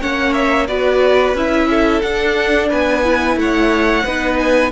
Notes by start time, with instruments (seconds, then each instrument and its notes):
0.00 cello A#3, viola C#4, violin C#5 F#5
0.33 violin E5
0.67 cello B3, viola F#4, violin B4 D5
1.34 cello C#4, viola E4, violin E5
1.70 violin A4
2.01 cello D4, viola D4, violin F#5
2.69 cello B3, violin B4 G#5
3.04 viola E4
3.36 cello A3, violin C#5 F#5
4.04 cello B3, viola D#4, violin B4
4.38 violin G#5